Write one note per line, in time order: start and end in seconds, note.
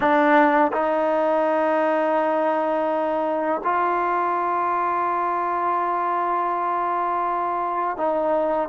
0.00 0.71 D4
0.72 3.61 D#4
3.64 7.97 F4
7.97 8.68 D#4